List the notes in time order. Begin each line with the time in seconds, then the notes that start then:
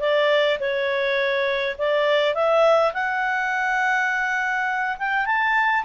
0.00 D5
0.60 C#5
1.78 D5
2.34 E5
2.93 F#5
4.99 G5
5.26 A5